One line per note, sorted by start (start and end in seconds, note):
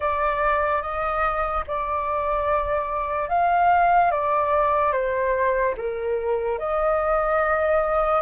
0.00 0.81 D5
0.81 1.64 D#5
1.67 3.28 D5
3.28 4.11 F5
4.11 4.92 D5
4.92 5.74 C5
5.77 6.58 A#4
6.58 8.21 D#5